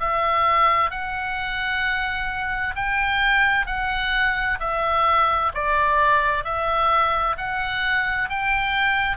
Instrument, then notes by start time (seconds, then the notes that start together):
oboe
0.00 E5
0.91 F#5
2.76 G5
3.66 F#5
4.60 E5
5.55 D5
6.44 E5
7.37 F#5
8.30 G5